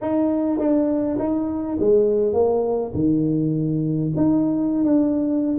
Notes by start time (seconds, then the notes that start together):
0.01 D#4
0.59 D4
1.18 D#4
1.79 G#3
2.33 A#3
2.94 D#3
4.16 D#4
4.84 D4